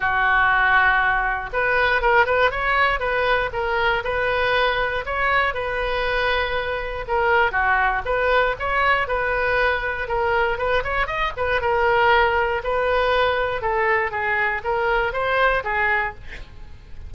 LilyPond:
\new Staff \with { instrumentName = "oboe" } { \time 4/4 \tempo 4 = 119 fis'2. b'4 | ais'8 b'8 cis''4 b'4 ais'4 | b'2 cis''4 b'4~ | b'2 ais'4 fis'4 |
b'4 cis''4 b'2 | ais'4 b'8 cis''8 dis''8 b'8 ais'4~ | ais'4 b'2 a'4 | gis'4 ais'4 c''4 gis'4 | }